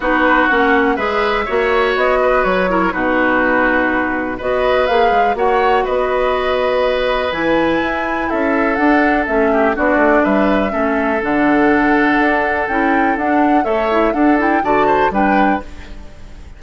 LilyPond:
<<
  \new Staff \with { instrumentName = "flute" } { \time 4/4 \tempo 4 = 123 b'4 fis''4 e''2 | dis''4 cis''4 b'2~ | b'4 dis''4 f''4 fis''4 | dis''2. gis''4~ |
gis''4 e''4 fis''4 e''4 | d''4 e''2 fis''4~ | fis''2 g''4 fis''4 | e''4 fis''8 g''8 a''4 g''4 | }
  \new Staff \with { instrumentName = "oboe" } { \time 4/4 fis'2 b'4 cis''4~ | cis''8 b'4 ais'8 fis'2~ | fis'4 b'2 cis''4 | b'1~ |
b'4 a'2~ a'8 g'8 | fis'4 b'4 a'2~ | a'1 | cis''4 a'4 d''8 c''8 b'4 | }
  \new Staff \with { instrumentName = "clarinet" } { \time 4/4 dis'4 cis'4 gis'4 fis'4~ | fis'4. e'8 dis'2~ | dis'4 fis'4 gis'4 fis'4~ | fis'2. e'4~ |
e'2 d'4 cis'4 | d'2 cis'4 d'4~ | d'2 e'4 d'4 | a'8 e'8 d'8 e'8 fis'4 d'4 | }
  \new Staff \with { instrumentName = "bassoon" } { \time 4/4 b4 ais4 gis4 ais4 | b4 fis4 b,2~ | b,4 b4 ais8 gis8 ais4 | b2. e4 |
e'4 cis'4 d'4 a4 | b8 a8 g4 a4 d4~ | d4 d'4 cis'4 d'4 | a4 d'4 d4 g4 | }
>>